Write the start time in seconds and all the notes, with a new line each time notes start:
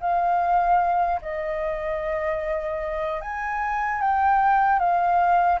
0.00 F5
1.21 D#5
3.21 G#5
4.01 G5
4.79 F5